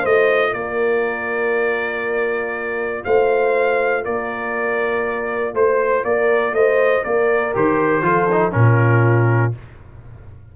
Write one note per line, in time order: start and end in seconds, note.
0.00 0.53 A3
0.00 7.54 F4
0.00 0.50 C5
0.00 0.54 D#5
0.53 3.03 A#3
0.53 3.05 A#4
0.53 3.04 D5
3.04 4.06 A3
3.04 4.03 C5
3.04 4.04 F5
4.03 5.54 A#3
4.03 5.53 A#4
4.03 5.54 D5
5.54 6.04 A3
5.54 6.04 C5
6.04 6.52 A#3
6.04 6.54 A#4
6.04 6.54 D5
6.52 7.02 A3
6.52 7.04 C5
6.52 7.04 D#5
7.04 7.55 A#3
7.04 8.04 A#4
7.04 7.54 D5
7.54 8.02 D#3
7.54 8.02 G4
7.54 8.52 C5
8.02 8.52 F3
8.02 8.27 F4
8.02 8.54 A4
8.31 8.52 D#4
8.52 9.54 A#2
8.52 9.52 C#4
8.52 9.56 F4
8.52 9.52 A#4